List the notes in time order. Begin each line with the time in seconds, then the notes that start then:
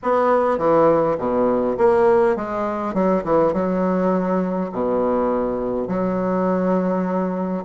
0.02 B3
0.57 E3
1.18 B2
1.77 A#3
2.36 G#3
2.94 F#3
3.24 E3
3.53 F#3
4.72 B2
5.87 F#3